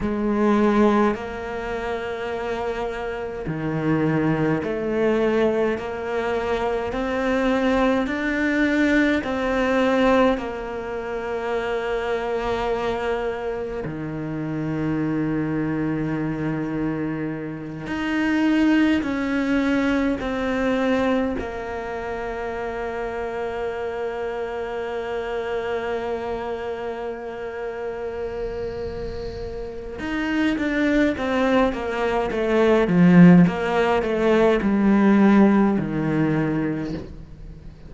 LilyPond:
\new Staff \with { instrumentName = "cello" } { \time 4/4 \tempo 4 = 52 gis4 ais2 dis4 | a4 ais4 c'4 d'4 | c'4 ais2. | dis2.~ dis8 dis'8~ |
dis'8 cis'4 c'4 ais4.~ | ais1~ | ais2 dis'8 d'8 c'8 ais8 | a8 f8 ais8 a8 g4 dis4 | }